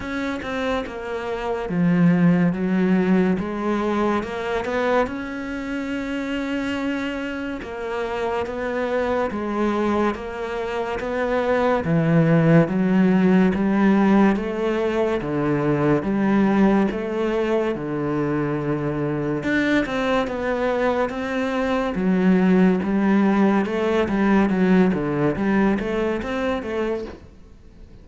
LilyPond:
\new Staff \with { instrumentName = "cello" } { \time 4/4 \tempo 4 = 71 cis'8 c'8 ais4 f4 fis4 | gis4 ais8 b8 cis'2~ | cis'4 ais4 b4 gis4 | ais4 b4 e4 fis4 |
g4 a4 d4 g4 | a4 d2 d'8 c'8 | b4 c'4 fis4 g4 | a8 g8 fis8 d8 g8 a8 c'8 a8 | }